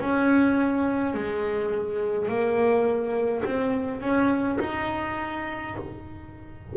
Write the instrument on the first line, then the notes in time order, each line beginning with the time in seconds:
double bass
0.00 C#4
1.14 G#3
2.29 A#3
3.45 C4
4.01 C#4
4.60 D#4